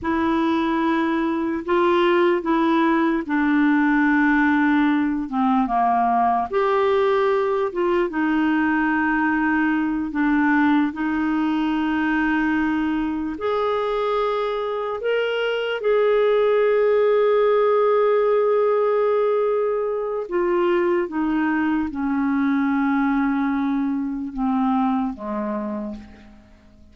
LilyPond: \new Staff \with { instrumentName = "clarinet" } { \time 4/4 \tempo 4 = 74 e'2 f'4 e'4 | d'2~ d'8 c'8 ais4 | g'4. f'8 dis'2~ | dis'8 d'4 dis'2~ dis'8~ |
dis'8 gis'2 ais'4 gis'8~ | gis'1~ | gis'4 f'4 dis'4 cis'4~ | cis'2 c'4 gis4 | }